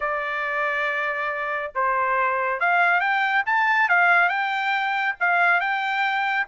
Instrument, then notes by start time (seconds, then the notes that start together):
trumpet
0.00 D5
1.74 C5
2.60 F5
3.00 G5
3.45 A5
3.88 F5
4.28 G5
5.20 F5
5.60 G5